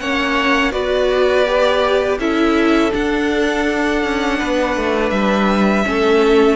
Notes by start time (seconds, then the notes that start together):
0.00 A#3 C#4 C#5 F#5
0.71 B3 F#4 B4 D5
1.45 G4
2.19 C#4 E4 A4 E5
2.91 D4 F#5
4.04 C#4
4.39 B3 B4
4.76 A3
5.10 G3 E5
5.85 A3 C#4 A4